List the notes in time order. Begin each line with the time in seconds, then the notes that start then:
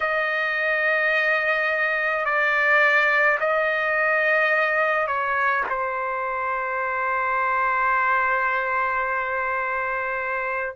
0.00 D#5
2.25 D5
3.40 D#5
5.07 C#5
5.69 C5